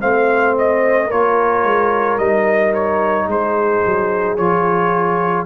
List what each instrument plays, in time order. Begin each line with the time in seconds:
0.00 tuba A3, trombone C4, horn C5, trumpet F5
0.58 trumpet D#5
1.06 tuba A#3, trombone F4, horn A#4, trumpet C#5
1.63 tuba G#3
2.17 tuba G3, trombone D#4, trumpet D#5
2.74 trumpet C#5
3.27 tuba G#3, horn G#4, trumpet C5
3.85 tuba F#3
4.37 tuba F3, trombone F4, trumpet C#5